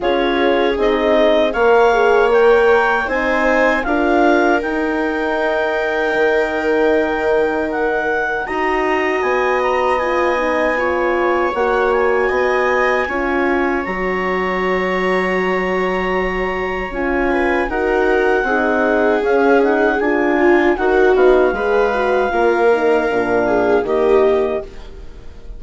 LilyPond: <<
  \new Staff \with { instrumentName = "clarinet" } { \time 4/4 \tempo 4 = 78 cis''4 dis''4 f''4 g''4 | gis''4 f''4 g''2~ | g''2 fis''4 ais''4 | gis''8 ais''8 gis''2 fis''8 gis''8~ |
gis''2 ais''2~ | ais''2 gis''4 fis''4~ | fis''4 f''8 fis''8 gis''4 fis''8 f''8~ | f''2. dis''4 | }
  \new Staff \with { instrumentName = "viola" } { \time 4/4 gis'2 cis''2 | c''4 ais'2.~ | ais'2. dis''4~ | dis''2 cis''2 |
dis''4 cis''2.~ | cis''2~ cis''8 b'8 ais'4 | gis'2~ gis'8 f'8 fis'4 | b'4 ais'4. gis'8 g'4 | }
  \new Staff \with { instrumentName = "horn" } { \time 4/4 f'4 dis'4 ais'8 gis'8 ais'4 | dis'4 f'4 dis'2~ | dis'2. fis'4~ | fis'4 f'8 dis'8 f'4 fis'4~ |
fis'4 f'4 fis'2~ | fis'2 f'4 fis'4 | dis'4 cis'8 dis'8 f'4 ais'8 dis'8 | gis'8 fis'8 f'8 dis'8 d'4 ais4 | }
  \new Staff \with { instrumentName = "bassoon" } { \time 4/4 cis'4 c'4 ais2 | c'4 d'4 dis'2 | dis2. dis'4 | b2. ais4 |
b4 cis'4 fis2~ | fis2 cis'4 dis'4 | c'4 cis'4 d'4 dis'8 b8 | gis4 ais4 ais,4 dis4 | }
>>